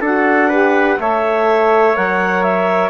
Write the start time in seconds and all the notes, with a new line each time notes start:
0.00 D4 F#4 A4 F#5
0.49 G4 B4
0.99 A3 A4 C#5 E5
1.94 F#3 A#4 F#5
2.43 E5